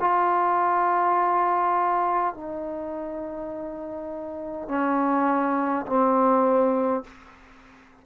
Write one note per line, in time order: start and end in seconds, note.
0.00 2.34 F4
2.34 4.68 D#4
4.68 5.86 C#4
5.86 7.04 C4